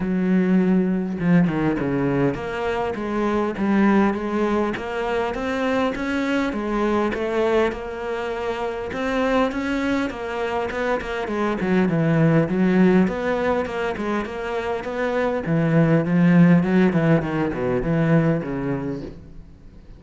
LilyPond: \new Staff \with { instrumentName = "cello" } { \time 4/4 \tempo 4 = 101 fis2 f8 dis8 cis4 | ais4 gis4 g4 gis4 | ais4 c'4 cis'4 gis4 | a4 ais2 c'4 |
cis'4 ais4 b8 ais8 gis8 fis8 | e4 fis4 b4 ais8 gis8 | ais4 b4 e4 f4 | fis8 e8 dis8 b,8 e4 cis4 | }